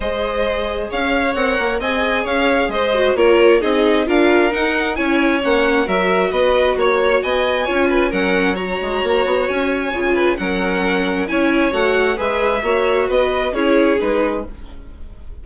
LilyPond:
<<
  \new Staff \with { instrumentName = "violin" } { \time 4/4 \tempo 4 = 133 dis''2 f''4 fis''4 | gis''4 f''4 dis''4 cis''4 | dis''4 f''4 fis''4 gis''4 | fis''4 e''4 dis''4 cis''4 |
gis''2 fis''4 ais''4~ | ais''4 gis''2 fis''4~ | fis''4 gis''4 fis''4 e''4~ | e''4 dis''4 cis''4 b'4 | }
  \new Staff \with { instrumentName = "violin" } { \time 4/4 c''2 cis''2 | dis''4 cis''4 c''4 ais'4 | gis'4 ais'2 cis''4~ | cis''4 ais'4 b'4 cis''4 |
dis''4 cis''8 b'8 ais'4 cis''4~ | cis''2~ cis''8 b'8 ais'4~ | ais'4 cis''2 b'4 | cis''4 b'4 gis'2 | }
  \new Staff \with { instrumentName = "viola" } { \time 4/4 gis'2. ais'4 | gis'2~ gis'8 fis'8 f'4 | dis'4 f'4 dis'4 e'4 | cis'4 fis'2.~ |
fis'4 f'4 cis'4 fis'4~ | fis'2 f'4 cis'4~ | cis'4 e'4 fis'4 gis'4 | fis'2 e'4 dis'4 | }
  \new Staff \with { instrumentName = "bassoon" } { \time 4/4 gis2 cis'4 c'8 ais8 | c'4 cis'4 gis4 ais4 | c'4 d'4 dis'4 cis'4 | ais4 fis4 b4 ais4 |
b4 cis'4 fis4. gis8 | ais8 b8 cis'4 cis4 fis4~ | fis4 cis'4 a4 gis4 | ais4 b4 cis'4 gis4 | }
>>